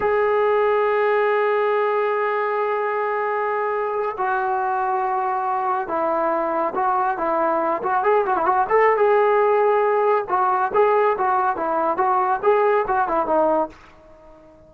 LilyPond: \new Staff \with { instrumentName = "trombone" } { \time 4/4 \tempo 4 = 140 gis'1~ | gis'1~ | gis'4.~ gis'16 fis'2~ fis'16~ | fis'4.~ fis'16 e'2 fis'16~ |
fis'8. e'4. fis'8 gis'8 fis'16 e'16 fis'16~ | fis'16 a'8. gis'2. | fis'4 gis'4 fis'4 e'4 | fis'4 gis'4 fis'8 e'8 dis'4 | }